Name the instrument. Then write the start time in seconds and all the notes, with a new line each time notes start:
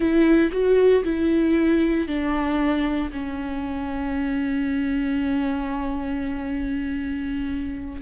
viola
0.00 E4
0.51 F#4
1.04 E4
2.07 D4
3.12 C#4